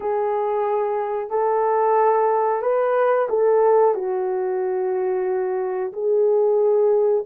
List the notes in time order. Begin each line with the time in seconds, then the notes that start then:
0.00 G#4
1.29 A4
2.62 B4
3.29 A4
3.94 F#4
5.92 G#4